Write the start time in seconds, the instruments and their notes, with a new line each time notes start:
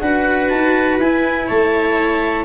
0.00 tuba D4, cello F#4, viola B4, clarinet F#5
0.48 tuba D#4, clarinet A5
0.98 tuba E4, cello E4, clarinet G#5
1.47 tuba A3, viola C#5, clarinet A5